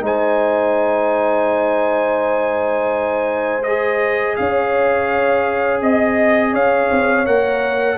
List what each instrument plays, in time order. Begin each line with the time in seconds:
0.00 tuba G#3, trombone D#4, horn C5, trumpet G#5
3.63 trombone G#4, trumpet D#5
4.36 tuba C#4, horn C#5, trumpet F5
5.81 tuba C4, trumpet D#5, horn D#5
6.53 tuba C#4, horn C#5, trumpet F5
6.90 tuba C4
7.25 tuba A#3, trombone A#4, trumpet F#5